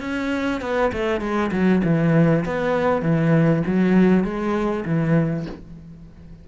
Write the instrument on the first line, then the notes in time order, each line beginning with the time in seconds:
cello
0.00 C#4
0.61 B3
0.92 A3
1.20 G#3
1.52 F#3
1.84 E3
2.45 B3
3.02 E3
3.66 F#3
4.24 G#3
4.85 E3